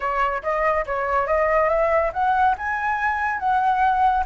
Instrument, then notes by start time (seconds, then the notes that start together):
flute
0.00 C#5
0.42 D#5
0.85 C#5
1.26 D#5
1.69 E5
2.13 F#5
2.57 G#5
3.39 F#5